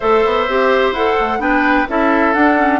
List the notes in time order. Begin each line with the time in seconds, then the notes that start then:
0.00 A3 A4 C5 E5
0.25 B3
0.48 C4 G4
0.91 E4 A4 F#5
1.20 A3
1.39 B3 D4 B4 G5
1.88 C#4 E4 A4 E5
2.33 D4 F#5
2.58 C#4